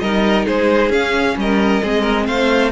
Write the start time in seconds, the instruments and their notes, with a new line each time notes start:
0.00 cello G3, viola D#4, violin A#4 D#5
0.46 cello G#3, violin G#4 C5
0.89 cello C#4, viola C#4, violin F5
1.37 cello G3, violin A#4 D#5
1.83 cello G#3, viola C4, violin G#4
2.01 violin A#4
2.26 cello A3, violin C5 F5